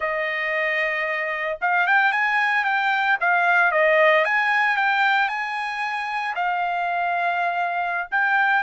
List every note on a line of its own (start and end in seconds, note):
0.00 1.58 D#5
1.61 1.87 F5
1.87 2.12 G5
2.12 2.64 G#5
2.64 3.17 G5
3.20 3.71 F5
3.71 4.25 D#5
4.25 4.76 G#5
4.76 5.28 G5
5.28 6.34 G#5
6.35 8.07 F5
8.11 8.63 G5